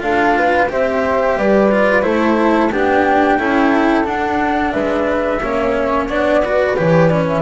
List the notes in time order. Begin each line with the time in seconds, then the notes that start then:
0.00 D4 F4 A4 F5
0.37 B4
0.69 C4 G4 C5 E5
1.37 G3 B4 D5
1.72 F4
2.02 A3 E4 A4 C5
2.72 B3 D4 G4 G5
3.39 C#4 E4 A4
4.05 D4 F#5
4.72 G#3 B4 E5
5.42 A#3 C#4 C#5
6.09 B3 D4 D5
6.44 F#4 B4
6.77 E3 G4 C#5
7.07 C#4 D5
7.28 E5